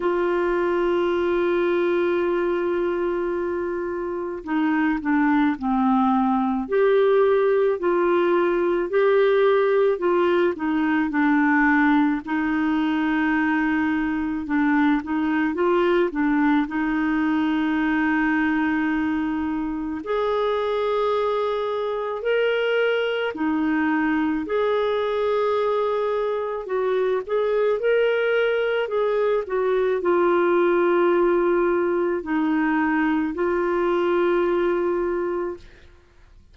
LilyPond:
\new Staff \with { instrumentName = "clarinet" } { \time 4/4 \tempo 4 = 54 f'1 | dis'8 d'8 c'4 g'4 f'4 | g'4 f'8 dis'8 d'4 dis'4~ | dis'4 d'8 dis'8 f'8 d'8 dis'4~ |
dis'2 gis'2 | ais'4 dis'4 gis'2 | fis'8 gis'8 ais'4 gis'8 fis'8 f'4~ | f'4 dis'4 f'2 | }